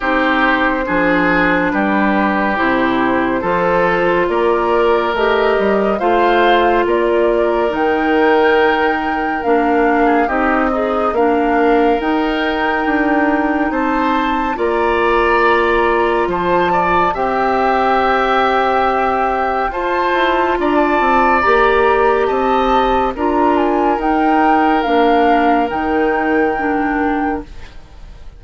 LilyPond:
<<
  \new Staff \with { instrumentName = "flute" } { \time 4/4 \tempo 4 = 70 c''2 b'4 c''4~ | c''4 d''4 dis''4 f''4 | d''4 g''2 f''4 | dis''4 f''4 g''2 |
a''4 ais''2 a''4 | g''2. a''4 | ais''16 a''8. ais''4 a''4 ais''8 gis''8 | g''4 f''4 g''2 | }
  \new Staff \with { instrumentName = "oboe" } { \time 4/4 g'4 gis'4 g'2 | a'4 ais'2 c''4 | ais'2.~ ais'8. gis'16 | g'8 dis'8 ais'2. |
c''4 d''2 c''8 d''8 | e''2. c''4 | d''2 dis''4 ais'4~ | ais'1 | }
  \new Staff \with { instrumentName = "clarinet" } { \time 4/4 dis'4 d'2 e'4 | f'2 g'4 f'4~ | f'4 dis'2 d'4 | dis'8 gis'8 d'4 dis'2~ |
dis'4 f'2. | g'2. f'4~ | f'4 g'2 f'4 | dis'4 d'4 dis'4 d'4 | }
  \new Staff \with { instrumentName = "bassoon" } { \time 4/4 c'4 f4 g4 c4 | f4 ais4 a8 g8 a4 | ais4 dis2 ais4 | c'4 ais4 dis'4 d'4 |
c'4 ais2 f4 | c'2. f'8 e'8 | d'8 c'8 ais4 c'4 d'4 | dis'4 ais4 dis2 | }
>>